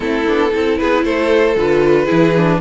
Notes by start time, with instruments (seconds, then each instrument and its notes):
0.00 cello A3, viola C4, violin E4 A4
0.27 cello B3, viola D4
0.50 cello C4, viola E4, violin A4
0.77 cello B3, violin G#4 B4
1.03 cello A3, violin A4 C5
1.56 cello D3, viola F4, violin B4
2.04 viola E4, violin G#4
2.11 cello E3
2.36 viola D4